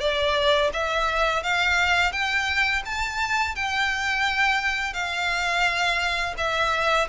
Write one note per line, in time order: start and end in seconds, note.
0.00 0.71 D5
0.73 1.43 E5
1.43 2.12 F5
2.12 2.83 G5
2.86 3.56 A5
3.56 4.93 G5
4.93 6.35 F5
6.37 7.08 E5